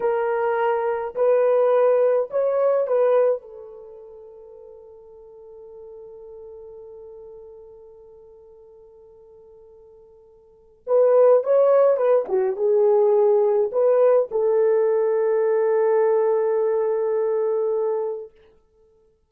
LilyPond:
\new Staff \with { instrumentName = "horn" } { \time 4/4 \tempo 4 = 105 ais'2 b'2 | cis''4 b'4 a'2~ | a'1~ | a'1~ |
a'2. b'4 | cis''4 b'8 fis'8 gis'2 | b'4 a'2.~ | a'1 | }